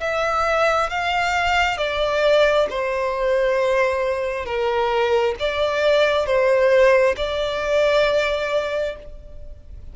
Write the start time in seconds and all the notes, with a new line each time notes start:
0.00 E5
0.90 F5
1.77 D5
2.70 C5
4.45 A#4
5.39 D5
6.26 C5
7.16 D5